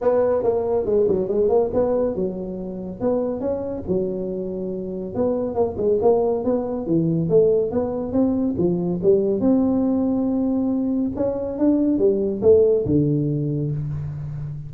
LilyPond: \new Staff \with { instrumentName = "tuba" } { \time 4/4 \tempo 4 = 140 b4 ais4 gis8 fis8 gis8 ais8 | b4 fis2 b4 | cis'4 fis2. | b4 ais8 gis8 ais4 b4 |
e4 a4 b4 c'4 | f4 g4 c'2~ | c'2 cis'4 d'4 | g4 a4 d2 | }